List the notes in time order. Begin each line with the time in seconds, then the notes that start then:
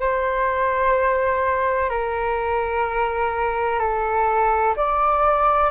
0.00 C5
1.90 A#4
3.80 A4
4.77 D5